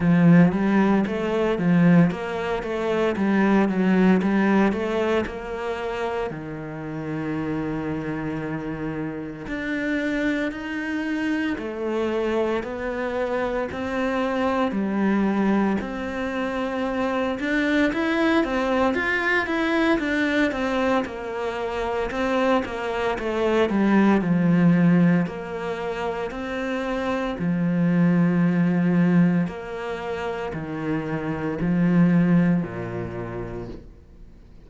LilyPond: \new Staff \with { instrumentName = "cello" } { \time 4/4 \tempo 4 = 57 f8 g8 a8 f8 ais8 a8 g8 fis8 | g8 a8 ais4 dis2~ | dis4 d'4 dis'4 a4 | b4 c'4 g4 c'4~ |
c'8 d'8 e'8 c'8 f'8 e'8 d'8 c'8 | ais4 c'8 ais8 a8 g8 f4 | ais4 c'4 f2 | ais4 dis4 f4 ais,4 | }